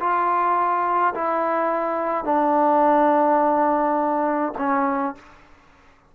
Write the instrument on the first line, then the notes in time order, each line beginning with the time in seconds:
trombone
0.00 F4
1.15 E4
2.25 D4
4.58 C#4